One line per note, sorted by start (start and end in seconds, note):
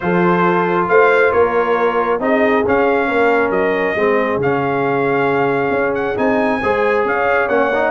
0.00 0.88 F3
0.00 2.19 F4
0.00 0.90 A4
0.00 0.87 C5
0.88 1.32 A3
0.88 1.32 C5
0.88 1.32 F5
1.32 2.19 A#3
1.32 2.21 A#4
1.32 2.20 C#5
2.19 2.64 C4
2.19 2.64 D#4
2.19 3.07 G#4
2.19 2.66 D#5
2.66 3.97 C#4
2.66 3.08 C#4
2.66 3.51 F5
3.07 3.50 A#3
3.07 3.96 A#4
3.50 3.94 F#3
3.50 4.39 D#5
3.95 4.36 G#3
3.95 4.41 C4
3.95 6.62 G#4
4.36 5.69 C#3
4.36 6.16 C#4
4.36 5.94 F5
5.70 6.14 C#4
5.94 6.17 F#5
6.16 6.62 C4
6.16 6.60 D#4
6.16 7.05 G#5
6.62 7.04 G#3
6.62 7.49 G#4
6.62 7.06 C5
7.04 7.48 C#4
7.04 7.91 C#5
7.04 7.48 F5
7.48 7.91 A#3
7.48 7.72 C#4
7.48 7.91 F#5
7.73 7.91 D#4